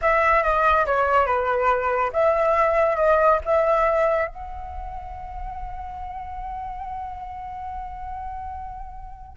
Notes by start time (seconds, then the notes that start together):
0.01 E5
0.43 D#5
0.86 C#5
1.26 B4
2.13 E5
2.96 D#5
3.45 E5
4.27 F#5